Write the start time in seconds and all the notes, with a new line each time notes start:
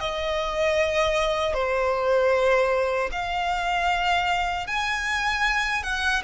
0.00 D#5
1.54 C5
3.12 F5
4.67 G#5
5.83 F#5